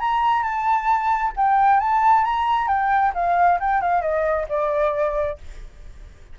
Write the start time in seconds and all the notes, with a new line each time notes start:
0.00 A#5
0.43 A5
1.37 G5
1.80 A5
2.24 A#5
2.68 G5
3.14 F5
3.60 G5
3.81 F5
4.02 D#5
4.49 D5